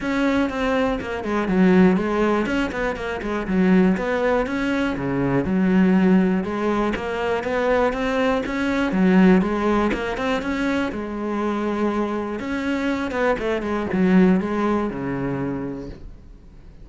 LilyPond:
\new Staff \with { instrumentName = "cello" } { \time 4/4 \tempo 4 = 121 cis'4 c'4 ais8 gis8 fis4 | gis4 cis'8 b8 ais8 gis8 fis4 | b4 cis'4 cis4 fis4~ | fis4 gis4 ais4 b4 |
c'4 cis'4 fis4 gis4 | ais8 c'8 cis'4 gis2~ | gis4 cis'4. b8 a8 gis8 | fis4 gis4 cis2 | }